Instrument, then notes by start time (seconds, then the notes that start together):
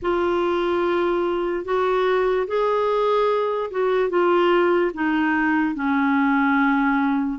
clarinet
0.01 F4
1.64 F#4
2.47 G#4
3.71 F#4
4.09 F4
4.94 D#4
5.74 C#4